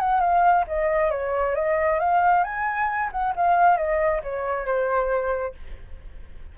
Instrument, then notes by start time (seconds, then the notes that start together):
flute
0.00 F#5
0.21 F5
0.68 D#5
1.11 C#5
1.56 D#5
2.00 F5
2.44 G#5
3.12 F#5
3.36 F5
3.78 D#5
4.24 C#5
4.66 C5